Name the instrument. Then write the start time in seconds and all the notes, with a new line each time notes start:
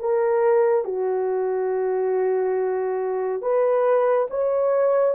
horn
0.00 A#4
0.85 F#4
3.42 B4
4.31 C#5